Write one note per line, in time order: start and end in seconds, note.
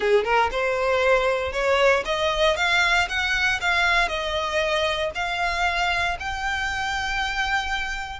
0.00 0.24 G#4
0.24 0.50 A#4
0.51 1.52 C5
1.52 2.03 C#5
2.05 2.56 D#5
2.56 3.07 F5
3.08 3.59 F#5
3.60 4.08 F5
4.08 5.10 D#5
5.14 6.17 F5
6.19 8.20 G5